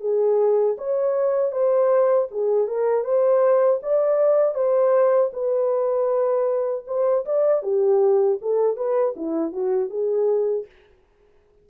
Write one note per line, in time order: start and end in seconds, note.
0.00 0.76 G#4
0.78 1.52 C#5
1.52 2.28 C5
2.31 2.68 G#4
2.68 3.04 A#4
3.04 3.80 C5
3.83 4.55 D5
4.55 5.31 C5
5.33 6.85 B4
6.87 7.25 C5
7.25 7.62 D5
7.62 8.38 G4
8.42 8.77 A4
8.77 9.14 B4
9.16 9.52 E4
9.52 9.90 F#4
9.90 10.66 G#4